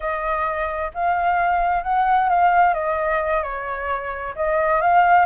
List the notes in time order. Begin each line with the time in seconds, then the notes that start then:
0.00 D#5
0.94 F5
1.83 F#5
2.29 F5
2.74 D#5
3.42 C#5
4.35 D#5
4.81 F5